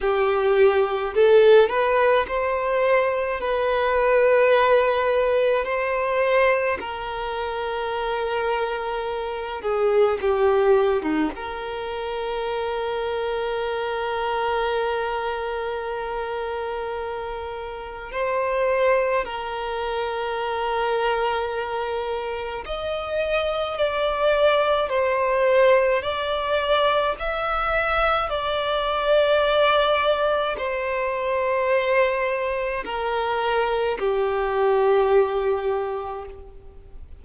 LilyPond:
\new Staff \with { instrumentName = "violin" } { \time 4/4 \tempo 4 = 53 g'4 a'8 b'8 c''4 b'4~ | b'4 c''4 ais'2~ | ais'8 gis'8 g'8. dis'16 ais'2~ | ais'1 |
c''4 ais'2. | dis''4 d''4 c''4 d''4 | e''4 d''2 c''4~ | c''4 ais'4 g'2 | }